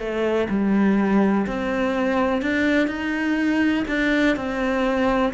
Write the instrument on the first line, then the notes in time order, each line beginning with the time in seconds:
cello
0.00 A3
0.50 G3
1.47 C4
2.42 D4
2.88 D#4
3.88 D4
4.36 C4